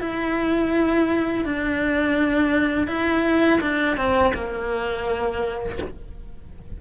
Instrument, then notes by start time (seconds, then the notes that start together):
cello
0.00 E4
1.44 D4
2.87 E4
3.60 D4
3.96 C4
4.34 A#3